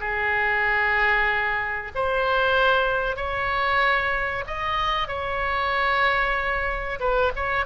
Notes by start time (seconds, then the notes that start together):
0.00 G#4
1.95 C5
3.16 C#5
4.46 D#5
5.07 C#5
6.99 B4
7.35 C#5